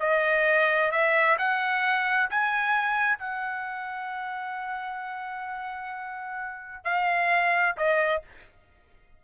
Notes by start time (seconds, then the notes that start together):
0.00 D#5
0.91 E5
1.38 F#5
2.30 G#5
3.19 F#5
6.85 F5
7.77 D#5